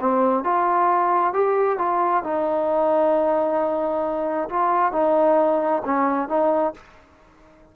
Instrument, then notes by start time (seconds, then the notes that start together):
trombone
0.00 C4
0.43 F4
1.33 G4
1.78 F4
2.23 D#4
4.49 F4
4.92 D#4
5.85 C#4
6.28 D#4